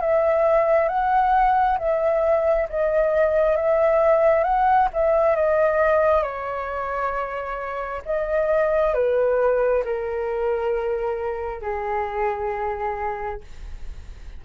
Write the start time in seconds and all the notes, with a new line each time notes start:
0.00 E5
0.88 F#5
1.78 E5
2.69 D#5
3.56 E5
4.43 F#5
4.93 E5
5.35 D#5
6.22 C#5
8.05 D#5
8.94 B4
9.84 A#4
11.61 G#4